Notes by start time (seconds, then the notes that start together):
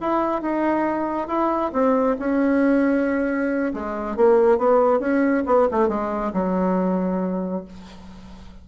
0.00 E4
0.41 D#4
1.27 E4
1.73 C4
2.19 C#4
3.74 G#3
4.16 A#3
4.58 B3
4.99 C#4
5.46 B3
5.71 A3
5.88 G#3
6.33 F#3